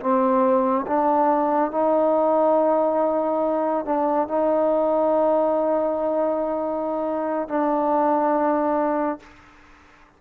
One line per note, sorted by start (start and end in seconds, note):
0.00 0.86 C4
0.87 1.71 D4
1.71 3.86 D#4
3.86 4.28 D4
4.28 7.48 D#4
7.48 9.20 D4